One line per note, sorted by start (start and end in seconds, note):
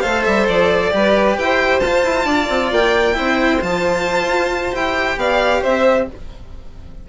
0.00 0.26 A3
0.00 0.91 A4
0.00 0.90 C5
0.00 0.22 F5
0.24 0.48 G3
0.24 0.46 E5
0.48 0.92 F3
0.48 1.37 D5
0.91 1.37 G3
0.91 1.80 G4
0.91 1.37 B4
1.37 1.81 E4
1.37 2.25 C5
1.37 1.79 G5
1.79 2.03 F4
1.79 3.13 F4
1.79 2.69 A5
2.03 2.25 E4
2.25 2.47 D4
2.25 3.15 D5
2.49 2.71 C4
2.71 3.16 A#3
2.71 3.62 G5
3.13 3.62 C4
3.13 3.58 E4
3.13 5.18 C5
3.61 4.28 F3
3.61 4.72 F4
3.61 4.74 A5
4.28 4.73 F4
4.72 5.16 E4
4.72 6.06 G4
4.72 5.18 G5
5.16 5.61 B3
5.16 5.61 D5
5.16 5.63 F5
5.61 6.09 C4
5.61 6.06 C5
5.61 6.08 E5